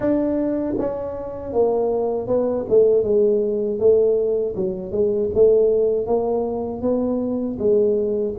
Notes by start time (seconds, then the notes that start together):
0.00 D4
0.78 C#4
1.53 A#3
2.27 B3
2.69 A3
3.03 G#3
3.79 A3
4.55 F#3
4.91 G#3
5.34 A3
6.06 A#3
6.81 B3
7.58 G#3